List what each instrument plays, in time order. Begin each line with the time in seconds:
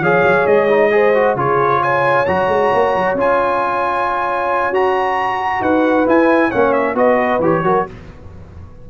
0.00 tuba F3, trombone G#4, horn C#5, trumpet F5
0.23 tuba F#3
0.46 tuba G#3, trumpet D#5
0.69 trombone D#4
0.91 trombone G#4, horn C5
1.14 trombone F#4
1.36 tuba C#3, trombone F4, horn G#4, trumpet C#5
1.82 horn C#5, trumpet G#5
2.26 tuba F#3, trombone F#4, trumpet A#5
2.48 tuba G#3
2.74 tuba A#3
2.95 tuba F#3
3.14 tuba C#4, trombone F4, trumpet G#5
4.71 tuba F#4, trombone F#4, trumpet A#5
5.61 tuba D#4, horn B4, trumpet F#5
6.06 trombone E4, tuba E4, trumpet G#5
6.49 tuba A#3, trombone C#4, horn C#5, trumpet F#5
6.73 trumpet E5
6.94 tuba B3, trombone F#4, horn B4, trumpet D#5
7.40 tuba E3, trombone G4, trumpet C#5
7.64 tuba F#3, trombone F#4, horn A#4